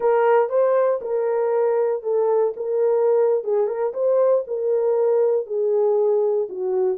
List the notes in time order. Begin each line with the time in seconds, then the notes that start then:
0.00 A#4
0.49 C5
1.01 A#4
2.02 A4
2.56 A#4
3.44 G#4
3.67 A#4
3.93 C5
4.47 A#4
5.46 G#4
6.49 F#4